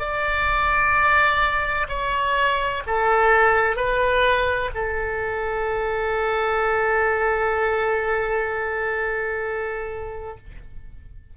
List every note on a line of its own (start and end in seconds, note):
0.00 1.87 D5
1.89 2.83 C#5
2.87 3.77 A4
3.77 4.70 B4
4.75 10.37 A4